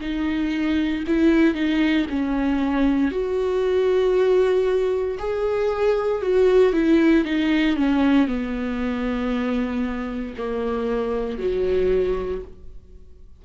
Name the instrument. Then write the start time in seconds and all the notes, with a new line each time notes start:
viola
0.00 D#4
1.07 E4
1.54 D#4
2.09 C#4
3.11 F#4
5.18 G#4
6.22 F#4
6.72 E4
7.24 D#4
7.76 C#4
8.27 B3
10.37 A#3
11.38 F#3